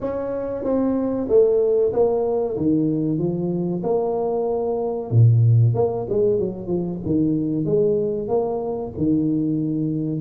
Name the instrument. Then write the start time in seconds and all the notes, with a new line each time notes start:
tuba
0.00 C#4
0.64 C4
1.28 A3
1.92 A#3
2.56 D#3
3.18 F3
3.83 A#3
5.10 A#2
5.74 A#3
6.09 G#3
6.39 F#3
6.66 F3
7.05 D#3
7.65 G#3
8.28 A#3
8.97 D#3